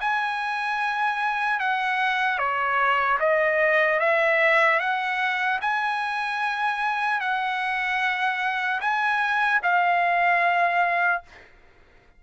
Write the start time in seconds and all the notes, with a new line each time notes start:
0.00 G#5
1.59 F#5
2.38 C#5
3.19 D#5
3.99 E5
4.79 F#5
5.61 G#5
7.20 F#5
8.80 G#5
9.63 F5